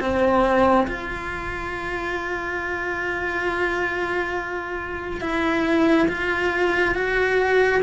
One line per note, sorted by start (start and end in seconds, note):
0.00 0.87 C4
0.87 5.21 F4
5.21 6.08 E4
6.08 6.94 F4
6.94 7.81 F#4